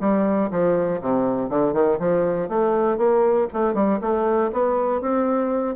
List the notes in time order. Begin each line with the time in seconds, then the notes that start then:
0.00 G3
0.50 F3
1.01 C3
1.49 D3
1.72 D#3
1.99 F3
2.48 A3
2.97 A#3
3.53 A3
3.74 G3
4.01 A3
4.52 B3
5.01 C4